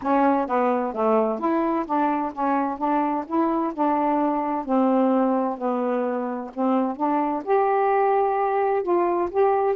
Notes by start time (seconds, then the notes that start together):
0.01 C#4
0.47 B3
0.93 A3
1.39 E4
1.85 D4
2.33 C#4
2.78 D4
3.26 E4
3.74 D4
4.65 C4
5.58 B3
6.54 C4
6.96 D4
7.44 G4
8.82 F4
9.30 G4